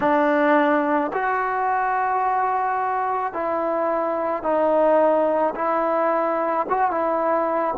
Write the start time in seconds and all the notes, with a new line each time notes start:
0.00 D4
1.13 F#4
3.33 E4
4.42 D#4
5.55 E4
6.69 F#4
6.90 E4